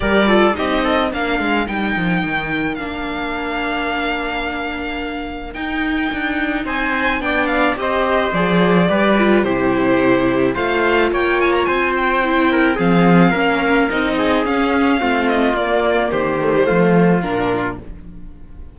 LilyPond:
<<
  \new Staff \with { instrumentName = "violin" } { \time 4/4 \tempo 4 = 108 d''4 dis''4 f''4 g''4~ | g''4 f''2.~ | f''2 g''2 | gis''4 g''8 f''8 dis''4 d''4~ |
d''4 c''2 f''4 | g''8 gis''16 ais''16 gis''8 g''4. f''4~ | f''4 dis''4 f''4. dis''8 | d''4 c''2 ais'4 | }
  \new Staff \with { instrumentName = "trumpet" } { \time 4/4 ais'8 a'8 g'8 a'8 ais'2~ | ais'1~ | ais'1 | c''4 d''4 c''2 |
b'4 g'2 c''4 | cis''4 c''4. ais'8 gis'4 | ais'4. gis'4. f'4~ | f'4 g'4 f'2 | }
  \new Staff \with { instrumentName = "viola" } { \time 4/4 g'8 f'8 dis'4 d'4 dis'4~ | dis'4 d'2.~ | d'2 dis'2~ | dis'4 d'4 g'4 gis'4 |
g'8 f'8 e'2 f'4~ | f'2 e'4 c'4 | cis'4 dis'4 cis'4 c'4 | ais4. a16 g16 a4 d'4 | }
  \new Staff \with { instrumentName = "cello" } { \time 4/4 g4 c'4 ais8 gis8 g8 f8 | dis4 ais2.~ | ais2 dis'4 d'4 | c'4 b4 c'4 f4 |
g4 c2 a4 | ais4 c'2 f4 | ais4 c'4 cis'4 a4 | ais4 dis4 f4 ais,4 | }
>>